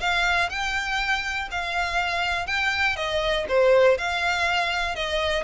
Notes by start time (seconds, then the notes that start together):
0.00 F5
0.49 G5
1.51 F5
2.46 G5
2.96 D#5
3.48 C5
3.98 F5
4.95 D#5